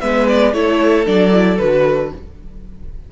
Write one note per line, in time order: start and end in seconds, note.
0.00 0.53 G#3
0.00 0.54 B3
0.00 0.53 B4
0.00 0.26 E5
0.27 0.53 D5
0.53 1.06 A3
0.53 1.05 E4
0.53 2.12 A4
0.53 1.05 C#5
1.05 1.59 F#3
1.05 1.31 D4
1.05 1.58 D5
1.31 1.58 E4
1.58 2.11 D3
1.58 2.11 F#4
1.58 2.10 B4